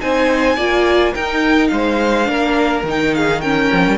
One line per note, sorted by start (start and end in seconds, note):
0.00 0.57 C4
0.00 0.57 D#4
0.00 0.56 C5
0.00 1.14 G#5
0.56 1.14 A#3
0.56 1.15 F4
0.56 1.13 D5
1.13 2.25 D#4
1.13 1.72 D#4
1.13 1.70 A#4
1.13 1.68 G5
1.68 2.28 G#3
1.68 2.30 C5
1.68 2.82 F5
2.25 2.84 A#3
2.25 2.82 D4
2.25 3.16 A#4
2.84 3.69 D#3
2.84 3.43 D#4
2.84 3.15 G5
3.15 3.42 G#4
3.15 3.41 F5
3.41 3.98 C#4
3.41 3.98 A#4
3.41 3.98 G5
3.73 3.87 F3
3.87 3.98 G3